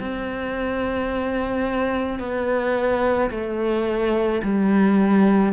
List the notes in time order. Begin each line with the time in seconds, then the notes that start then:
0.00 C4
2.19 B3
3.31 A3
4.43 G3